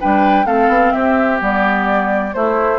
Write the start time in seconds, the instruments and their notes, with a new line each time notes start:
0.00 bassoon G3, clarinet D4, oboe B4, flute G5
0.45 bassoon A3, clarinet C4, oboe A4, flute F5
0.68 bassoon B3
0.92 bassoon C4, oboe G4, flute E5
1.38 bassoon G3, clarinet B3
1.44 flute D5
2.33 clarinet A3, bassoon A3, oboe E4, flute C5